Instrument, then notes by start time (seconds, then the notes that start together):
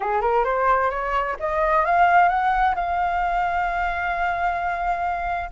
flute
0.00 G#4
0.21 A#4
0.44 C5
0.90 C#5
1.39 D#5
1.85 F5
2.29 F#5
2.75 F5